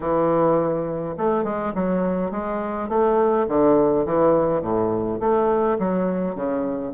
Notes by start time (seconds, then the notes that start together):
0.00 E3
1.17 A3
1.44 G#3
1.75 F#3
2.31 G#3
2.88 A3
3.48 D3
4.05 E3
4.61 A2
5.19 A3
5.78 F#3
6.35 C#3